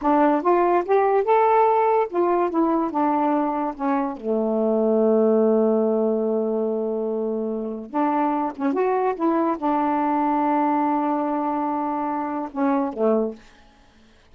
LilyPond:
\new Staff \with { instrumentName = "saxophone" } { \time 4/4 \tempo 4 = 144 d'4 f'4 g'4 a'4~ | a'4 f'4 e'4 d'4~ | d'4 cis'4 a2~ | a1~ |
a2. d'4~ | d'8 cis'8 fis'4 e'4 d'4~ | d'1~ | d'2 cis'4 a4 | }